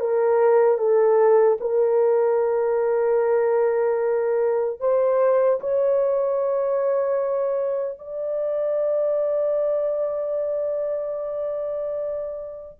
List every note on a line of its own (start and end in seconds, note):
0.00 0.78 A#4
0.78 1.58 A4
1.60 4.80 A#4
4.80 5.60 C5
5.60 7.99 C#5
7.99 12.79 D5